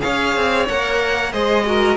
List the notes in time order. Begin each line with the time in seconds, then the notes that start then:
0.00 C#4 G#4 C#5 F5
0.36 C4
0.68 A#3 A#4 F#5
1.32 G#3 G#4 C5 D#5
1.65 F#4 A#4